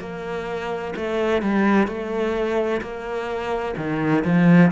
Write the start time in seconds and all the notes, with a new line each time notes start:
0.00 A#3
0.96 A3
1.42 G3
1.87 A3
2.81 A#3
3.77 D#3
4.24 F3